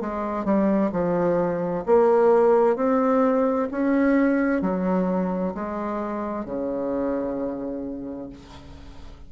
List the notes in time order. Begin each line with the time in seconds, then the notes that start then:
0.00 G#3
0.44 G3
0.92 F3
1.86 A#3
2.76 C4
3.71 C#4
4.62 F#3
5.54 G#3
6.45 C#3